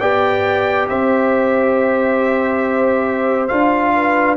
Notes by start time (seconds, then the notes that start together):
0.00 B3 G4 D5 G5
0.89 C4 C5 E5
3.48 D4 F4 F5
3.95 B4